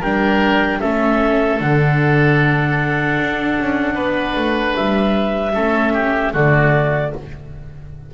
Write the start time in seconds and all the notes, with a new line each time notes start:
0.00 G3 D4 A#4 G5
0.81 A3 C#4 A4 E5
1.59 D3 D4 F#5
3.19 D4
3.60 C#4
3.95 B3 B4
4.36 A3
4.76 G3 E5
5.54 A3 C#4 A4
5.93 G4
6.33 D3 A3 F#4 D5